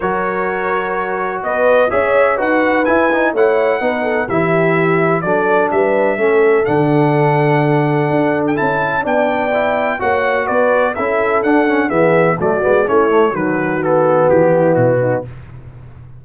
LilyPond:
<<
  \new Staff \with { instrumentName = "trumpet" } { \time 4/4 \tempo 4 = 126 cis''2. dis''4 | e''4 fis''4 gis''4 fis''4~ | fis''4 e''2 d''4 | e''2 fis''2~ |
fis''4.~ fis''16 g''16 a''4 g''4~ | g''4 fis''4 d''4 e''4 | fis''4 e''4 d''4 cis''4 | b'4 a'4 g'4 fis'4 | }
  \new Staff \with { instrumentName = "horn" } { \time 4/4 ais'2. b'4 | cis''4 b'2 cis''4 | b'8 a'8 g'2 a'4 | b'4 a'2.~ |
a'2. d''4~ | d''4 cis''4 b'4 a'4~ | a'4 gis'4 fis'4 e'4 | fis'2~ fis'8 e'4 dis'8 | }
  \new Staff \with { instrumentName = "trombone" } { \time 4/4 fis'1 | gis'4 fis'4 e'8 dis'8 e'4 | dis'4 e'2 d'4~ | d'4 cis'4 d'2~ |
d'2 e'4 d'4 | e'4 fis'2 e'4 | d'8 cis'8 b4 a8 b8 cis'8 a8 | fis4 b2. | }
  \new Staff \with { instrumentName = "tuba" } { \time 4/4 fis2. b4 | cis'4 dis'4 e'4 a4 | b4 e2 fis4 | g4 a4 d2~ |
d4 d'4 cis'4 b4~ | b4 ais4 b4 cis'4 | d'4 e4 fis8 gis8 a4 | dis2 e4 b,4 | }
>>